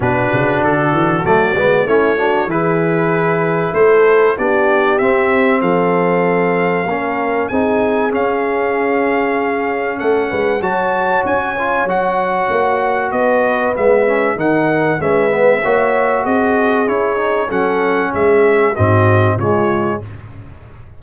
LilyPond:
<<
  \new Staff \with { instrumentName = "trumpet" } { \time 4/4 \tempo 4 = 96 b'4 a'4 d''4 cis''4 | b'2 c''4 d''4 | e''4 f''2. | gis''4 f''2. |
fis''4 a''4 gis''4 fis''4~ | fis''4 dis''4 e''4 fis''4 | e''2 dis''4 cis''4 | fis''4 e''4 dis''4 cis''4 | }
  \new Staff \with { instrumentName = "horn" } { \time 4/4 fis'2. e'8 fis'8 | gis'2 a'4 g'4~ | g'4 a'2 ais'4 | gis'1 |
a'8 b'8 cis''2.~ | cis''4 b'2 ais'4 | b'4 cis''4 gis'2 | a'4 gis'4 fis'4 f'4 | }
  \new Staff \with { instrumentName = "trombone" } { \time 4/4 d'2 a8 b8 cis'8 d'8 | e'2. d'4 | c'2. cis'4 | dis'4 cis'2.~ |
cis'4 fis'4. f'8 fis'4~ | fis'2 b8 cis'8 dis'4 | cis'8 b8 fis'2 e'8 dis'8 | cis'2 c'4 gis4 | }
  \new Staff \with { instrumentName = "tuba" } { \time 4/4 b,8 cis8 d8 e8 fis8 gis8 a4 | e2 a4 b4 | c'4 f2 ais4 | c'4 cis'2. |
a8 gis8 fis4 cis'4 fis4 | ais4 b4 gis4 dis4 | gis4 ais4 c'4 cis'4 | fis4 gis4 gis,4 cis4 | }
>>